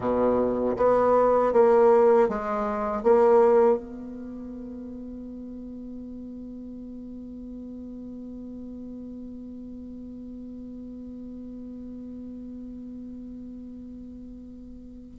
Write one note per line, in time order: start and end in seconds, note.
0.00 0.76 B2
0.76 1.52 B3
1.52 2.28 A#3
2.28 3.03 G#3
3.03 3.77 A#3
3.77 15.17 B3